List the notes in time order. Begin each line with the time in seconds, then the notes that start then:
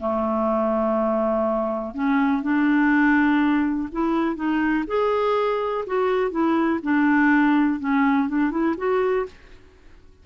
0.00 A3
1.94 C#4
2.43 D4
3.92 E4
4.35 D#4
4.87 G#4
5.86 F#4
6.31 E4
6.83 D4
7.80 C#4
8.28 D4
8.51 E4
8.77 F#4